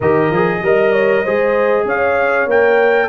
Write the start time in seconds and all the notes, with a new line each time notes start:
0.00 D#3 G4 A#4 D#5
0.30 F3 G#4
0.62 G3 A#4 D#5
0.92 C#5
1.23 G#3 G#4 C5
1.85 C#4 C#5 F5
2.46 A#3 A#4 G5